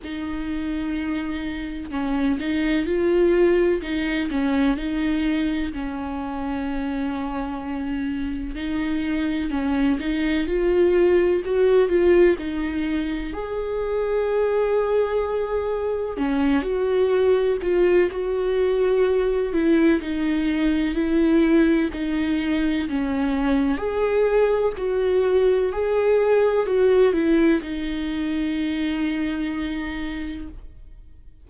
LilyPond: \new Staff \with { instrumentName = "viola" } { \time 4/4 \tempo 4 = 63 dis'2 cis'8 dis'8 f'4 | dis'8 cis'8 dis'4 cis'2~ | cis'4 dis'4 cis'8 dis'8 f'4 | fis'8 f'8 dis'4 gis'2~ |
gis'4 cis'8 fis'4 f'8 fis'4~ | fis'8 e'8 dis'4 e'4 dis'4 | cis'4 gis'4 fis'4 gis'4 | fis'8 e'8 dis'2. | }